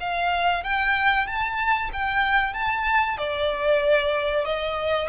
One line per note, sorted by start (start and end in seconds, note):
0.00 0.63 F5
0.63 1.26 G5
1.26 1.90 A5
1.93 2.54 G5
2.54 3.17 A5
3.18 4.44 D5
4.44 5.08 D#5